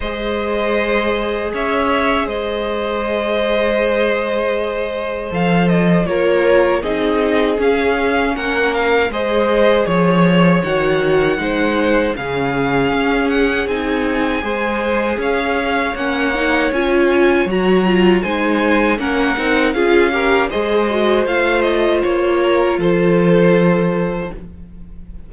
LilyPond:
<<
  \new Staff \with { instrumentName = "violin" } { \time 4/4 \tempo 4 = 79 dis''2 e''4 dis''4~ | dis''2. f''8 dis''8 | cis''4 dis''4 f''4 fis''8 f''8 | dis''4 cis''4 fis''2 |
f''4. fis''8 gis''2 | f''4 fis''4 gis''4 ais''4 | gis''4 fis''4 f''4 dis''4 | f''8 dis''8 cis''4 c''2 | }
  \new Staff \with { instrumentName = "violin" } { \time 4/4 c''2 cis''4 c''4~ | c''1 | ais'4 gis'2 ais'4 | c''4 cis''2 c''4 |
gis'2. c''4 | cis''1 | c''4 ais'4 gis'8 ais'8 c''4~ | c''4. ais'8 a'2 | }
  \new Staff \with { instrumentName = "viola" } { \time 4/4 gis'1~ | gis'2. a'4 | f'4 dis'4 cis'2 | gis'2 fis'4 dis'4 |
cis'2 dis'4 gis'4~ | gis'4 cis'8 dis'8 f'4 fis'8 f'8 | dis'4 cis'8 dis'8 f'8 g'8 gis'8 fis'8 | f'1 | }
  \new Staff \with { instrumentName = "cello" } { \time 4/4 gis2 cis'4 gis4~ | gis2. f4 | ais4 c'4 cis'4 ais4 | gis4 f4 dis4 gis4 |
cis4 cis'4 c'4 gis4 | cis'4 ais4 cis'4 fis4 | gis4 ais8 c'8 cis'4 gis4 | a4 ais4 f2 | }
>>